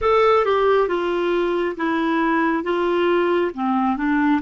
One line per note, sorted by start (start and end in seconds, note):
0.01 0.45 A4
0.45 0.87 G4
0.87 1.76 F4
1.76 2.63 E4
2.63 3.51 F4
3.54 3.96 C4
3.96 4.40 D4